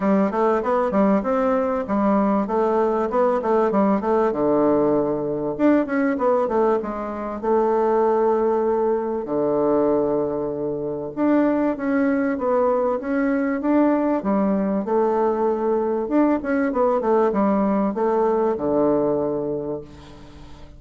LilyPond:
\new Staff \with { instrumentName = "bassoon" } { \time 4/4 \tempo 4 = 97 g8 a8 b8 g8 c'4 g4 | a4 b8 a8 g8 a8 d4~ | d4 d'8 cis'8 b8 a8 gis4 | a2. d4~ |
d2 d'4 cis'4 | b4 cis'4 d'4 g4 | a2 d'8 cis'8 b8 a8 | g4 a4 d2 | }